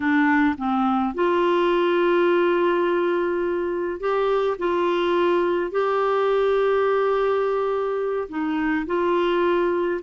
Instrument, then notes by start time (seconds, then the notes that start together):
clarinet
0.00 D4
0.57 C4
1.14 F4
4.00 G4
4.58 F4
5.71 G4
8.28 D#4
8.86 F4